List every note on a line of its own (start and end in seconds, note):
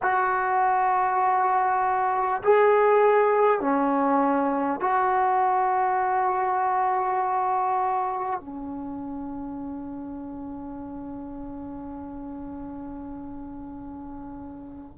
0.02 2.42 F#4
2.43 3.60 G#4
3.60 4.80 C#4
4.80 8.40 F#4
8.40 14.97 C#4